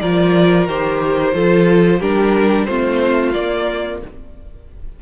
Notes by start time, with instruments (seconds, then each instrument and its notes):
0.00 cello F3, viola F4, violin A#4 D5
0.67 cello D#3, viola G4, violin C5
1.33 cello F3, viola F4, violin A4
1.99 cello G3, viola D4, violin G4 A#4
2.65 cello A3, viola C4, violin F4 C5
3.33 viola A#3, cello A#3, violin D5